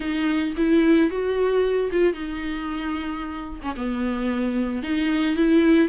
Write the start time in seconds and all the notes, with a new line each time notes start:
0.00 D#4
0.57 E4
1.10 F#4
1.91 F4
2.13 D#4
3.62 C#4
3.75 B3
4.82 D#4
5.35 E4